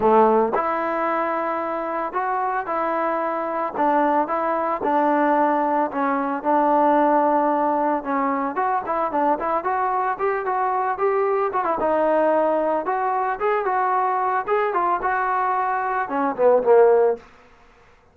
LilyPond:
\new Staff \with { instrumentName = "trombone" } { \time 4/4 \tempo 4 = 112 a4 e'2. | fis'4 e'2 d'4 | e'4 d'2 cis'4 | d'2. cis'4 |
fis'8 e'8 d'8 e'8 fis'4 g'8 fis'8~ | fis'8 g'4 fis'16 e'16 dis'2 | fis'4 gis'8 fis'4. gis'8 f'8 | fis'2 cis'8 b8 ais4 | }